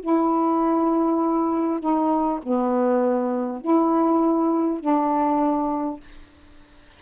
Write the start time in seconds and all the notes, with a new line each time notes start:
0.00 E4
1.80 D#4
2.43 B3
3.61 E4
4.80 D4